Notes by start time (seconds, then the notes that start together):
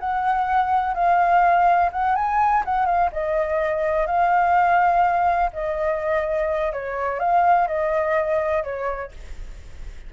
0.00 F#5
0.94 F5
1.93 F#5
2.16 G#5
2.65 F#5
2.86 F5
3.12 D#5
4.07 F5
5.53 D#5
6.73 C#5
7.20 F5
7.68 D#5
8.64 C#5